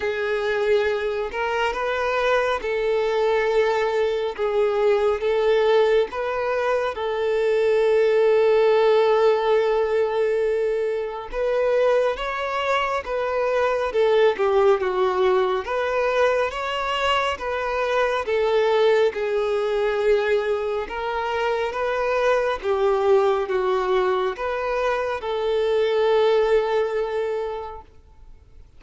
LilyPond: \new Staff \with { instrumentName = "violin" } { \time 4/4 \tempo 4 = 69 gis'4. ais'8 b'4 a'4~ | a'4 gis'4 a'4 b'4 | a'1~ | a'4 b'4 cis''4 b'4 |
a'8 g'8 fis'4 b'4 cis''4 | b'4 a'4 gis'2 | ais'4 b'4 g'4 fis'4 | b'4 a'2. | }